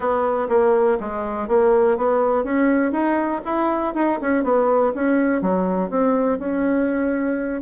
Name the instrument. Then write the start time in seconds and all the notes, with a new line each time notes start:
bassoon
0.00 B3
0.48 A#3
1.00 G#3
1.48 A#3
1.97 B3
2.44 C#4
2.92 D#4
3.45 E4
3.94 D#4
4.21 C#4
4.43 B3
4.94 C#4
5.41 F#3
5.90 C4
6.38 C#4